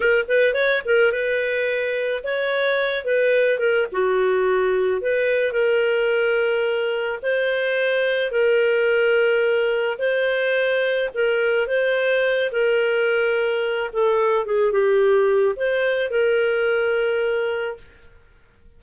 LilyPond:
\new Staff \with { instrumentName = "clarinet" } { \time 4/4 \tempo 4 = 108 ais'8 b'8 cis''8 ais'8 b'2 | cis''4. b'4 ais'8 fis'4~ | fis'4 b'4 ais'2~ | ais'4 c''2 ais'4~ |
ais'2 c''2 | ais'4 c''4. ais'4.~ | ais'4 a'4 gis'8 g'4. | c''4 ais'2. | }